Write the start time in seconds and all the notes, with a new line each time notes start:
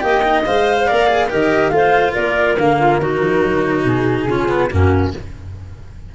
0.00 A#3 G4 D#5 G5
0.23 D#4
0.46 G#3 C5 F5
0.78 C5
0.86 A#3 A#4 D5
1.07 G#4
1.29 D#3 G4 A#4 D#5
1.69 A3 F4 F5
1.76 C5
2.13 A#3 A#4 D5
2.57 D3 A#3 F5
2.80 F4
2.99 D#3 D#4 F#4 A#4
3.20 F3
3.42 F#3
3.85 B2 G#4
4.27 C#3 C#4 F4
4.49 B3
4.71 F#2 A#3 C#4 F#4